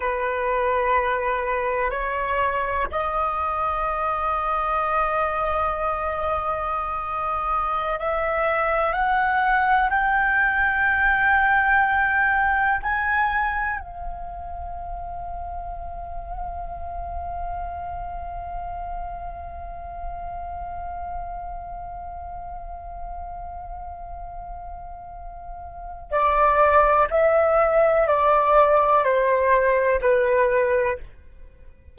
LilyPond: \new Staff \with { instrumentName = "flute" } { \time 4/4 \tempo 4 = 62 b'2 cis''4 dis''4~ | dis''1~ | dis''16 e''4 fis''4 g''4.~ g''16~ | g''4~ g''16 gis''4 f''4.~ f''16~ |
f''1~ | f''1~ | f''2. d''4 | e''4 d''4 c''4 b'4 | }